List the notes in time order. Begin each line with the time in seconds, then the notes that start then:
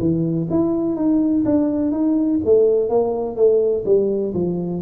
0.00 E3
0.50 E4
0.96 D#4
1.45 D4
1.92 D#4
2.45 A3
2.90 A#3
3.36 A3
3.85 G3
4.34 F3